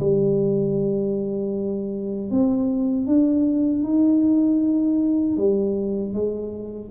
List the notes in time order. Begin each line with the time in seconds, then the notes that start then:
0.00 G3
2.31 C4
3.07 D4
3.84 D#4
5.37 G3
6.14 G#3